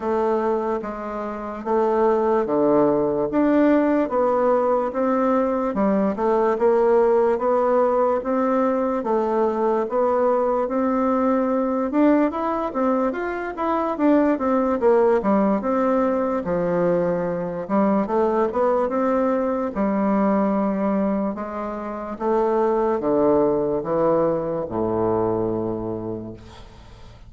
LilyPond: \new Staff \with { instrumentName = "bassoon" } { \time 4/4 \tempo 4 = 73 a4 gis4 a4 d4 | d'4 b4 c'4 g8 a8 | ais4 b4 c'4 a4 | b4 c'4. d'8 e'8 c'8 |
f'8 e'8 d'8 c'8 ais8 g8 c'4 | f4. g8 a8 b8 c'4 | g2 gis4 a4 | d4 e4 a,2 | }